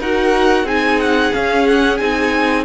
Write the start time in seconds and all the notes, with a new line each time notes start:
0.00 D#4 F#4 A#4 F#5
0.64 C4 D#4 G#4 G#5
1.00 F#5
1.32 C#4 F5
1.67 F#5
1.98 C4 D#4 G#5